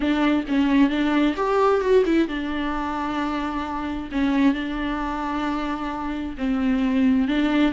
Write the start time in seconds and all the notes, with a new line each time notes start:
0.00 D4
0.48 C#4
0.89 D4
1.36 G4
1.80 F#4
2.05 E4
2.27 D4
4.11 C#4
4.54 D4
6.37 C4
7.27 D4